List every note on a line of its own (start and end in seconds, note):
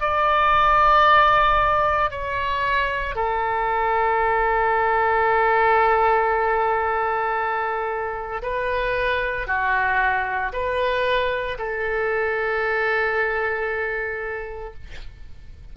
0.00 2.11 D5
2.11 3.15 C#5
3.15 8.42 A4
8.42 9.47 B4
9.47 10.52 F#4
10.53 11.58 B4
11.58 14.74 A4